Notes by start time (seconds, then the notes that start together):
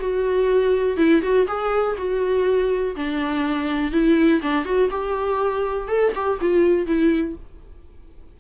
0.00 F#4
0.97 E4
1.22 F#4
1.47 G#4
1.97 F#4
2.96 D4
3.92 E4
4.42 D4
4.65 F#4
4.90 G4
5.88 A4
6.15 G4
6.40 F4
6.87 E4